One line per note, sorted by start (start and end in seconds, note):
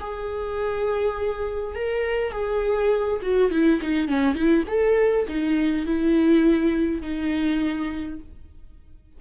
0.00 1.75 G#4
1.75 2.32 A#4
2.32 3.20 G#4
3.22 3.51 F#4
3.51 3.80 E4
3.81 4.08 D#4
4.08 4.34 C#4
4.34 4.64 E4
4.67 5.26 A4
5.28 5.86 D#4
5.86 7.02 E4
7.02 8.19 D#4